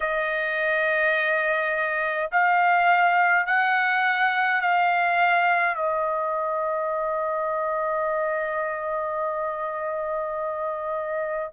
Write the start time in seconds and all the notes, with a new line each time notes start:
0.00 D#5
2.31 F5
3.46 F#5
4.61 F5
5.75 D#5